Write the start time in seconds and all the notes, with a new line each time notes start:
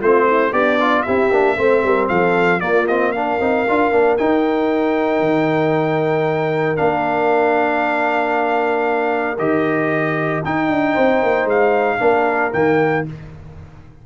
0.00 A3 C4 F4 C5
0.26 E4
0.52 B3 D4 G4 D5
0.80 F4
1.02 C4 E4 G4 E5
1.30 A#3 D4
1.56 A3 C4 C5
1.83 G3 A#4
2.08 F3 A4 F5
2.60 A#3 F4 D5
2.87 C4 D#5
3.11 D4 A#4 F5
3.40 C4 D#4
3.68 D4 F4
3.91 A#3 D4
4.17 D#4 G5
5.19 D#3
6.76 A#3 D4 F5
9.38 D#3 G4 D#5
10.44 D#4 G5
10.69 D4
10.93 C4 C5
11.22 A#3
11.44 G#3 F5
11.99 A#3 D4 A#4
12.53 D#3 A#3 G5